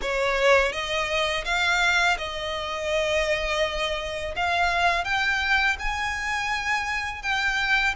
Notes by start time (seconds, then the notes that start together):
0.01 C#5
0.72 D#5
1.45 F5
2.18 D#5
4.36 F5
5.04 G5
5.79 G#5
7.22 G5